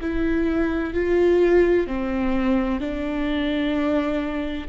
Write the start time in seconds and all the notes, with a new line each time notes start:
0.00 E4
0.93 F4
1.87 C4
2.80 D4